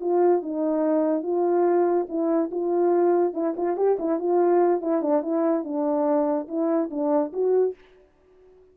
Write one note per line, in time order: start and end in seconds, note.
0.00 0.42 F4
0.42 1.22 D#4
1.22 2.06 F4
2.08 2.50 E4
2.51 3.33 F4
3.33 3.54 E4
3.56 3.76 F4
3.76 3.97 G4
3.99 4.19 E4
4.19 4.81 F4
4.81 5.02 E4
5.02 5.22 D4
5.22 5.64 E4
5.64 6.47 D4
6.48 6.90 E4
6.90 7.32 D4
7.33 7.75 F#4